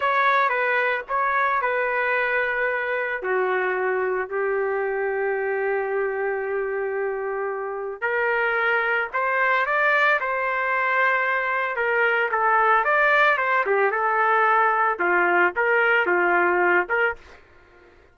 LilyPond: \new Staff \with { instrumentName = "trumpet" } { \time 4/4 \tempo 4 = 112 cis''4 b'4 cis''4 b'4~ | b'2 fis'2 | g'1~ | g'2. ais'4~ |
ais'4 c''4 d''4 c''4~ | c''2 ais'4 a'4 | d''4 c''8 g'8 a'2 | f'4 ais'4 f'4. ais'8 | }